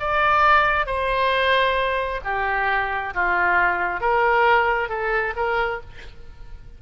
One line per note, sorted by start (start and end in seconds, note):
0.00 0.86 D5
0.86 2.21 C5
2.24 3.14 G4
3.14 4.01 F4
4.01 4.89 A#4
4.89 5.34 A4
5.36 5.81 A#4